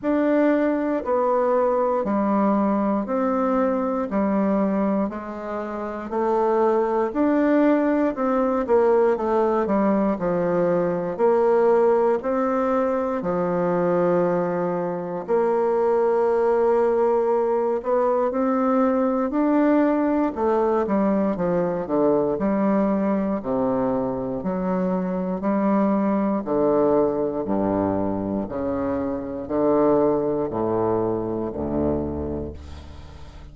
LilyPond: \new Staff \with { instrumentName = "bassoon" } { \time 4/4 \tempo 4 = 59 d'4 b4 g4 c'4 | g4 gis4 a4 d'4 | c'8 ais8 a8 g8 f4 ais4 | c'4 f2 ais4~ |
ais4. b8 c'4 d'4 | a8 g8 f8 d8 g4 c4 | fis4 g4 d4 g,4 | cis4 d4 a,4 d,4 | }